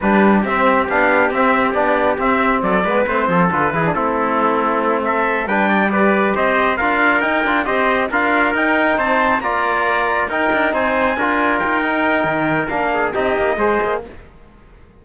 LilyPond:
<<
  \new Staff \with { instrumentName = "trumpet" } { \time 4/4 \tempo 4 = 137 b'4 e''4 f''4 e''4 | d''4 e''4 d''4 c''4 | b'4 a'2~ a'8 e''8~ | e''8 g''4 d''4 dis''4 f''8~ |
f''8 g''4 dis''4 f''4 g''8~ | g''8 a''4 ais''2 g''8~ | g''8 gis''2 g''4.~ | g''4 f''4 dis''2 | }
  \new Staff \with { instrumentName = "trumpet" } { \time 4/4 g'1~ | g'2 a'8 b'4 a'8~ | a'8 gis'8 e'2~ e'8 a'8~ | a'8 b'8 d''8 b'4 c''4 ais'8~ |
ais'4. c''4 ais'4.~ | ais'8 c''4 d''2 ais'8~ | ais'8 c''4 ais'2~ ais'8~ | ais'4. gis'8 g'4 c''4 | }
  \new Staff \with { instrumentName = "trombone" } { \time 4/4 d'4 c'4 d'4 c'4 | d'4 c'4. b8 c'4 | f'8 e'16 d'16 c'2.~ | c'8 d'4 g'2 f'8~ |
f'8 dis'8 f'8 g'4 f'4 dis'8~ | dis'4. f'2 dis'8~ | dis'4. f'4. dis'4~ | dis'4 d'4 dis'4 gis'4 | }
  \new Staff \with { instrumentName = "cello" } { \time 4/4 g4 c'4 b4 c'4 | b4 c'4 fis8 gis8 a8 f8 | d8 e8 a2.~ | a8 g2 c'4 d'8~ |
d'8 dis'8 d'8 c'4 d'4 dis'8~ | dis'8 c'4 ais2 dis'8 | d'8 c'4 d'4 dis'4. | dis4 ais4 c'8 ais8 gis8 ais8 | }
>>